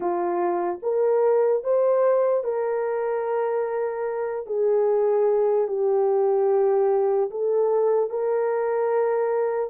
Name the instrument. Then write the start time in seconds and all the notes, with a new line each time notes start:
horn
0.00 F4
0.82 A#4
1.63 C5
2.44 A#4
4.46 G#4
5.68 G4
7.30 A4
8.10 A#4